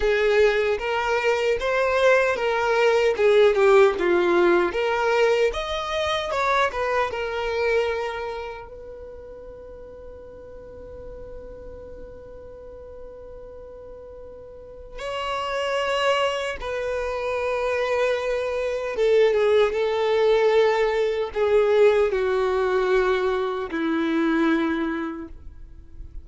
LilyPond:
\new Staff \with { instrumentName = "violin" } { \time 4/4 \tempo 4 = 76 gis'4 ais'4 c''4 ais'4 | gis'8 g'8 f'4 ais'4 dis''4 | cis''8 b'8 ais'2 b'4~ | b'1~ |
b'2. cis''4~ | cis''4 b'2. | a'8 gis'8 a'2 gis'4 | fis'2 e'2 | }